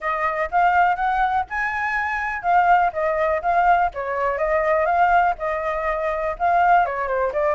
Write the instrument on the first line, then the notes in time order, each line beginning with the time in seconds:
flute
0.00 D#5
0.51 F5
0.95 F#5
1.49 G#5
2.42 F5
2.92 D#5
3.42 F5
3.94 C#5
4.38 D#5
4.85 F5
5.38 D#5
6.38 F5
6.85 C#5
7.07 C5
7.32 D5